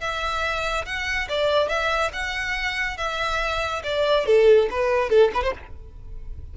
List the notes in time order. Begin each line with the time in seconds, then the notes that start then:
0.00 E5
0.85 F#5
1.29 D5
1.68 E5
2.12 F#5
2.97 E5
3.83 D5
4.26 A4
4.70 B4
5.09 A4
5.34 B4
5.43 C5